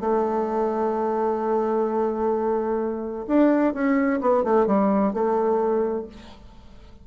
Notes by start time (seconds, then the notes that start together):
0.00 A3
3.27 D4
3.74 C#4
4.21 B3
4.44 A3
4.67 G3
5.14 A3